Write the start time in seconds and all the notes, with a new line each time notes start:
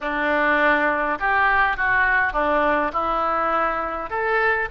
0.01 D4
1.19 G4
1.76 F#4
2.32 D4
2.92 E4
4.10 A4